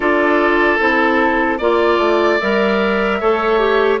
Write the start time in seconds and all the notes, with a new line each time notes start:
0.00 D4 F4 A4 D5
0.79 C4 E4 A4
1.58 A#3 F4 D5
1.98 A3
2.40 G3 A#4 E5
3.20 A3 A4 C#5
3.59 G4